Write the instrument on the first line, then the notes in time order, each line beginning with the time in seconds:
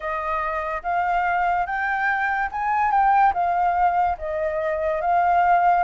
flute
0.00 D#5
0.82 F5
1.66 G5
2.52 G#5
2.91 G5
3.33 F5
4.18 D#5
5.01 F5